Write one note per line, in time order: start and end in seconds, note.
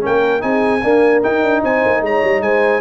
0.00 0.40 C#4
0.00 0.43 A#4
0.00 0.42 G5
0.06 0.43 A#3
0.40 0.83 C4
0.40 0.80 D#4
0.40 0.82 G#4
0.40 1.22 G#5
0.82 1.23 A#3
0.82 1.23 D4
0.82 1.62 A#4
1.23 2.81 D#4
1.23 1.43 D#4
1.23 1.63 G5
1.43 1.63 D4
1.63 1.84 C4
1.63 2.03 C5
1.63 2.04 G#5
1.85 2.02 A#3
2.02 2.22 G#3
2.02 2.43 C#5
2.02 2.42 A#5
2.24 2.41 G3
2.41 2.81 G#3
2.41 2.81 C5
2.41 2.81 G#5